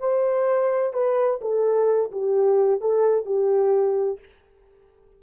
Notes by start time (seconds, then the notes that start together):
0.00 C5
0.94 B4
1.41 A4
2.12 G4
2.81 A4
3.26 G4